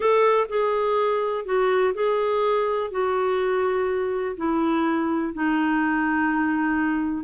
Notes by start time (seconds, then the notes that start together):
0.00 A4
0.48 G#4
1.45 F#4
1.94 G#4
2.91 F#4
4.37 E4
5.33 D#4